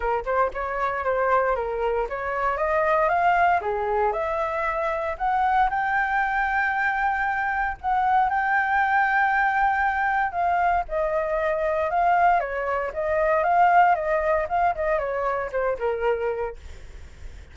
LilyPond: \new Staff \with { instrumentName = "flute" } { \time 4/4 \tempo 4 = 116 ais'8 c''8 cis''4 c''4 ais'4 | cis''4 dis''4 f''4 gis'4 | e''2 fis''4 g''4~ | g''2. fis''4 |
g''1 | f''4 dis''2 f''4 | cis''4 dis''4 f''4 dis''4 | f''8 dis''8 cis''4 c''8 ais'4. | }